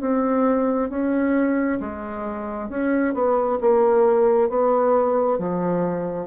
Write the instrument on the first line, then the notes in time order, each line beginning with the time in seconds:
bassoon
0.00 C4
0.90 C#4
1.80 G#3
2.69 C#4
3.13 B3
3.60 A#3
4.49 B3
5.38 F3